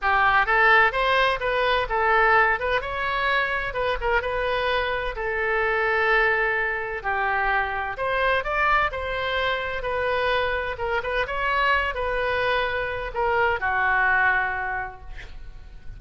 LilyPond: \new Staff \with { instrumentName = "oboe" } { \time 4/4 \tempo 4 = 128 g'4 a'4 c''4 b'4 | a'4. b'8 cis''2 | b'8 ais'8 b'2 a'4~ | a'2. g'4~ |
g'4 c''4 d''4 c''4~ | c''4 b'2 ais'8 b'8 | cis''4. b'2~ b'8 | ais'4 fis'2. | }